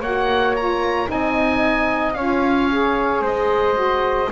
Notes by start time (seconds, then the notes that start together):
0.00 A#3 F#4 C#5 F#5
0.56 F4 A#5
1.06 C4 D#4 D#5 G#5
2.14 C#4 F4 C#5 F5
2.71 G#4
3.21 G#3 C5 D#5
3.74 F#4